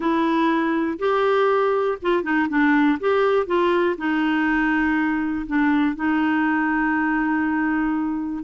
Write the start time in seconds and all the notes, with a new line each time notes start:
0.00 E4
0.98 G4
2.02 F4
2.23 D#4
2.49 D4
3.00 G4
3.46 F4
3.97 D#4
5.47 D4
5.95 D#4